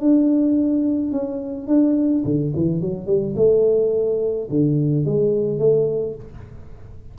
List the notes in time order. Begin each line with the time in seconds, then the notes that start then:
0.00 D4
1.12 C#4
1.67 D4
2.25 D3
2.56 E3
2.81 F#3
3.07 G3
3.36 A3
4.50 D3
5.05 G#3
5.59 A3